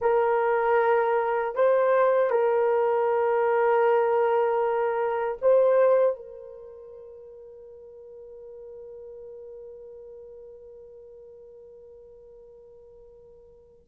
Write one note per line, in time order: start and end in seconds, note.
0.01 1.55 A#4
1.55 2.30 C5
2.30 5.37 A#4
5.41 6.16 C5
6.16 13.85 A#4